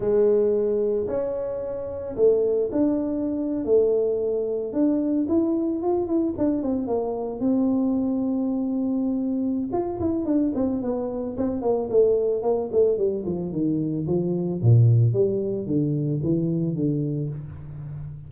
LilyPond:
\new Staff \with { instrumentName = "tuba" } { \time 4/4 \tempo 4 = 111 gis2 cis'2 | a4 d'4.~ d'16 a4~ a16~ | a8. d'4 e'4 f'8 e'8 d'16~ | d'16 c'8 ais4 c'2~ c'16~ |
c'2 f'8 e'8 d'8 c'8 | b4 c'8 ais8 a4 ais8 a8 | g8 f8 dis4 f4 ais,4 | g4 d4 e4 d4 | }